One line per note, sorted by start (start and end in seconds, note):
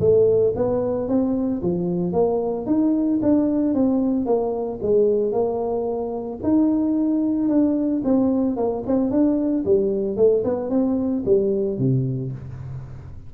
0.00 0.54 A3
0.55 1.08 B3
1.08 1.62 C4
1.62 2.13 F3
2.13 2.66 A#3
2.66 3.20 D#4
3.22 3.74 D4
3.74 4.26 C4
4.26 4.79 A#3
4.82 5.32 G#3
5.32 6.39 A#3
6.43 7.49 D#4
7.49 8.02 D4
8.04 8.57 C4
8.57 8.83 A#3
8.87 9.10 C4
9.10 9.64 D4
9.65 10.17 G3
10.17 10.43 A3
10.44 10.70 B3
10.70 11.23 C4
11.25 11.78 G3
11.78 12.32 C3